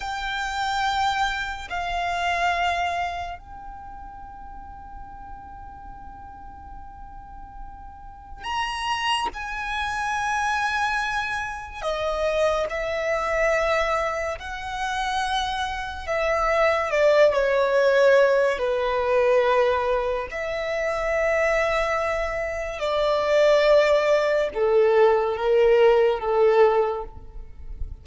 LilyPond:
\new Staff \with { instrumentName = "violin" } { \time 4/4 \tempo 4 = 71 g''2 f''2 | g''1~ | g''2 ais''4 gis''4~ | gis''2 dis''4 e''4~ |
e''4 fis''2 e''4 | d''8 cis''4. b'2 | e''2. d''4~ | d''4 a'4 ais'4 a'4 | }